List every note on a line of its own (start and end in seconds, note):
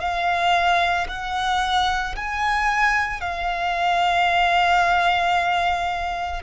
0.00 1.07 F5
1.08 2.15 F#5
2.16 3.21 G#5
3.21 6.42 F5